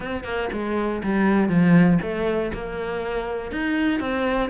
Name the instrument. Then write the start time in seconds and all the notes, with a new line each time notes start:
cello
0.00 C4
0.24 A#3
0.52 G#3
1.02 G3
1.48 F3
2.02 A3
2.53 A#3
3.51 D#4
4.00 C4